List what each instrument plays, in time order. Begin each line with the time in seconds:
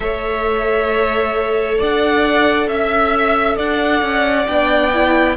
0.00 cello A3, viola A4, violin C#5 E5
1.77 cello D4, violin D5 F#5
2.68 cello C#4, violin E5
3.56 cello D4, violin D5 F#5
4.01 cello C#4
4.47 cello B3, viola D4, violin G5
4.93 viola E4